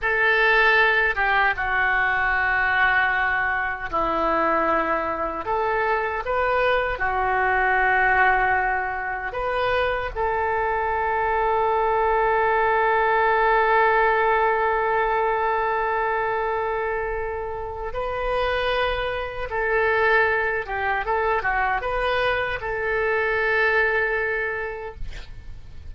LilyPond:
\new Staff \with { instrumentName = "oboe" } { \time 4/4 \tempo 4 = 77 a'4. g'8 fis'2~ | fis'4 e'2 a'4 | b'4 fis'2. | b'4 a'2.~ |
a'1~ | a'2. b'4~ | b'4 a'4. g'8 a'8 fis'8 | b'4 a'2. | }